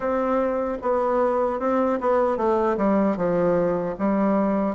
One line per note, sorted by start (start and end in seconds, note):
0.00 0.78 C4
0.82 1.59 B3
1.59 1.99 C4
2.00 2.37 B3
2.37 2.76 A3
2.77 3.16 G3
3.16 3.95 F3
3.99 4.75 G3